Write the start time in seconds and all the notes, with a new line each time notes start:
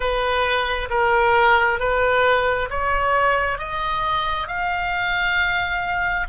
0.00 B4
0.90 A#4
1.79 B4
2.70 C#5
3.58 D#5
4.47 F5